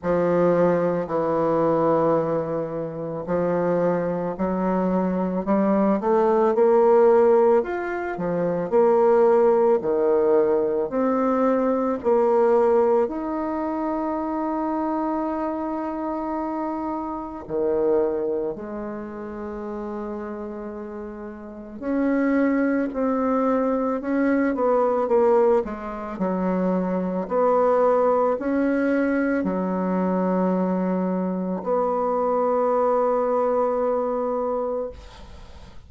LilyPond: \new Staff \with { instrumentName = "bassoon" } { \time 4/4 \tempo 4 = 55 f4 e2 f4 | fis4 g8 a8 ais4 f'8 f8 | ais4 dis4 c'4 ais4 | dis'1 |
dis4 gis2. | cis'4 c'4 cis'8 b8 ais8 gis8 | fis4 b4 cis'4 fis4~ | fis4 b2. | }